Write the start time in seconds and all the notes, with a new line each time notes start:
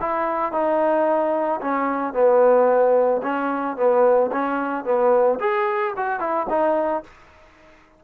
0.00 E4
0.52 D#4
1.61 C#4
2.14 B3
3.23 C#4
3.77 B3
4.32 C#4
4.85 B3
5.40 G#4
5.97 F#4
6.20 E4
6.49 D#4